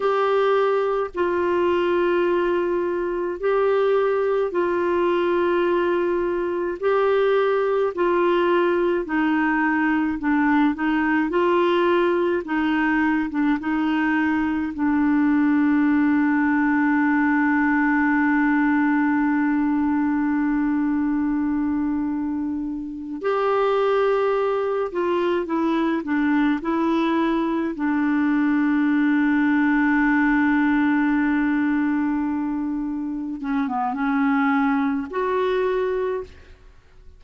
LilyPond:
\new Staff \with { instrumentName = "clarinet" } { \time 4/4 \tempo 4 = 53 g'4 f'2 g'4 | f'2 g'4 f'4 | dis'4 d'8 dis'8 f'4 dis'8. d'16 | dis'4 d'2.~ |
d'1~ | d'8 g'4. f'8 e'8 d'8 e'8~ | e'8 d'2.~ d'8~ | d'4. cis'16 b16 cis'4 fis'4 | }